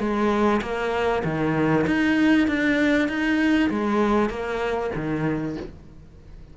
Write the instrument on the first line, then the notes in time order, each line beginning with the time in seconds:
cello
0.00 G#3
0.62 A#3
1.25 D#3
1.88 D#4
2.48 D4
3.09 D#4
3.70 G#3
4.30 A#3
4.96 D#3